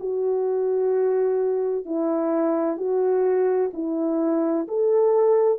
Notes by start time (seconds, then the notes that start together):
0.00 F#4
1.85 E4
2.77 F#4
3.73 E4
4.68 A4